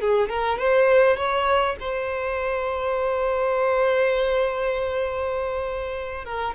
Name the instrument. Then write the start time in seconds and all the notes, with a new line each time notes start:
violin
0.00 G#4
0.29 A#4
0.58 C5
1.16 C#5
1.80 C5
6.24 A#4